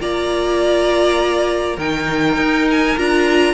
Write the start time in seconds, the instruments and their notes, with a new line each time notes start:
0.00 cello A#3, viola F4, violin D5 A#5
1.77 cello D#3, viola D#4, violin A#4 G5
2.37 cello D#4
2.71 violin G#5
2.97 cello D4, viola F4, violin A#5